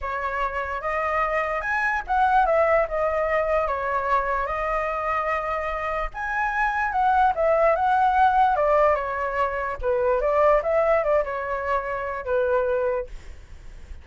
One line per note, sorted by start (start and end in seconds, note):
0.01 0.81 C#5
0.81 1.61 D#5
1.61 2.02 G#5
2.07 2.45 F#5
2.45 2.86 E5
2.88 3.67 D#5
3.67 4.46 C#5
4.46 6.09 D#5
6.14 6.91 G#5
6.91 7.32 F#5
7.35 7.75 E5
7.75 8.56 F#5
8.56 8.95 D5
8.95 9.76 C#5
9.81 10.21 B4
10.21 10.61 D5
10.62 11.03 E5
11.03 11.24 D5
11.24 12.25 C#5
12.25 13.06 B4